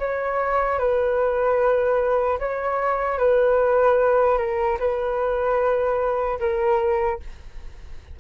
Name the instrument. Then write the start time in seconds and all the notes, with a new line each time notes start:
flute
0.00 C#5
0.79 B4
2.40 C#5
3.19 B4
4.39 A#4
4.80 B4
6.40 A#4